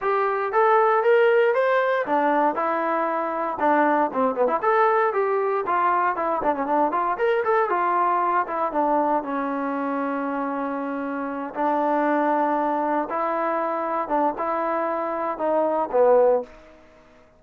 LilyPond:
\new Staff \with { instrumentName = "trombone" } { \time 4/4 \tempo 4 = 117 g'4 a'4 ais'4 c''4 | d'4 e'2 d'4 | c'8 b16 e'16 a'4 g'4 f'4 | e'8 d'16 cis'16 d'8 f'8 ais'8 a'8 f'4~ |
f'8 e'8 d'4 cis'2~ | cis'2~ cis'8 d'4.~ | d'4. e'2 d'8 | e'2 dis'4 b4 | }